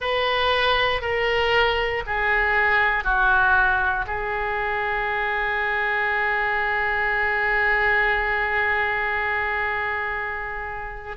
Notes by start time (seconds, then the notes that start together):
0.00 B4
1.01 A#4
2.06 G#4
3.04 F#4
4.06 G#4